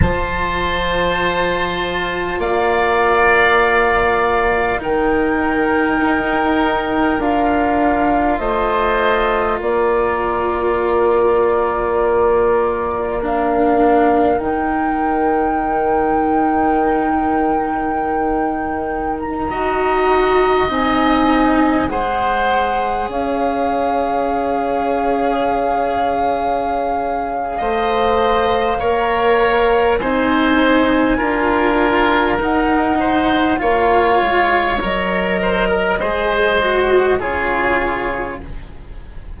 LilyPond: <<
  \new Staff \with { instrumentName = "flute" } { \time 4/4 \tempo 4 = 50 a''2 f''2 | g''2 f''4 dis''4 | d''2. f''4 | g''1 |
ais''4~ ais''16 gis''4 fis''4 f''8.~ | f''1~ | f''4 gis''2 fis''4 | f''4 dis''2 cis''4 | }
  \new Staff \with { instrumentName = "oboe" } { \time 4/4 c''2 d''2 | ais'2. c''4 | ais'1~ | ais'1~ |
ais'16 dis''2 c''4 cis''8.~ | cis''2. dis''4 | cis''4 c''4 ais'4. c''8 | cis''4. c''16 ais'16 c''4 gis'4 | }
  \new Staff \with { instrumentName = "cello" } { \time 4/4 f'1 | dis'2 f'2~ | f'2. d'4 | dis'1~ |
dis'16 fis'4 dis'4 gis'4.~ gis'16~ | gis'2. c''4 | ais'4 dis'4 f'4 dis'4 | f'4 ais'4 gis'8 fis'8 f'4 | }
  \new Staff \with { instrumentName = "bassoon" } { \time 4/4 f2 ais2 | dis4 dis'4 d'4 a4 | ais1 | dis1~ |
dis16 dis'4 c'4 gis4 cis'8.~ | cis'2. a4 | ais4 c'4 d'4 dis'4 | ais8 gis8 fis4 gis4 cis4 | }
>>